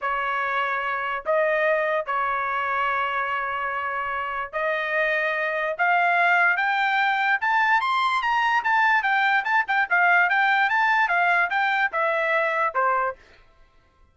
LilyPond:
\new Staff \with { instrumentName = "trumpet" } { \time 4/4 \tempo 4 = 146 cis''2. dis''4~ | dis''4 cis''2.~ | cis''2. dis''4~ | dis''2 f''2 |
g''2 a''4 c'''4 | ais''4 a''4 g''4 a''8 g''8 | f''4 g''4 a''4 f''4 | g''4 e''2 c''4 | }